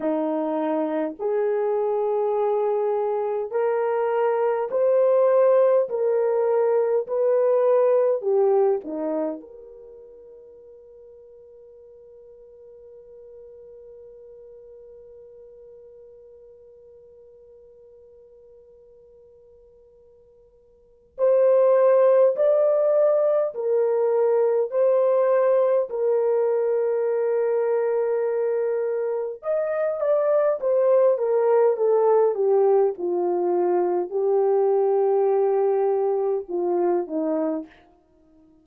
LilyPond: \new Staff \with { instrumentName = "horn" } { \time 4/4 \tempo 4 = 51 dis'4 gis'2 ais'4 | c''4 ais'4 b'4 g'8 dis'8 | ais'1~ | ais'1~ |
ais'2 c''4 d''4 | ais'4 c''4 ais'2~ | ais'4 dis''8 d''8 c''8 ais'8 a'8 g'8 | f'4 g'2 f'8 dis'8 | }